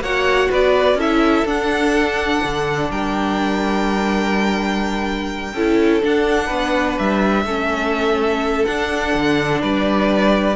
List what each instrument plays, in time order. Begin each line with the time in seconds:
0.00 cello A#3, viola F#4, violin C#5 F#5
0.49 cello B3, violin B4 D5
0.94 cello C#4, viola E4, violin A4 E5
1.45 cello D4, viola D4, violin F#5
2.44 cello D3
2.90 cello G3, violin A#4 G5
5.53 cello C#4, viola E4, violin A4
6.02 viola D4, cello D4, violin F#5
6.46 cello B3, violin B4
6.98 cello G3, violin E5
7.44 cello A3, viola C#4, violin A4
8.65 viola D4, cello D4, violin F#5
9.15 cello D3
9.61 cello G3, violin B4 D5